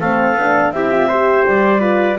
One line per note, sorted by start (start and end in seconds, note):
0.00 0.35 A3
0.00 0.38 C4
0.00 0.74 A4
0.00 0.72 F5
0.35 0.72 B3
0.35 0.75 D4
0.72 1.45 C4
0.72 0.91 E4
0.72 1.08 G4
0.72 1.45 E5
0.91 1.09 F4
1.08 1.80 G4
1.08 1.80 C5
1.46 2.19 G3
1.46 2.19 D5
1.80 2.17 F4
1.80 2.17 B4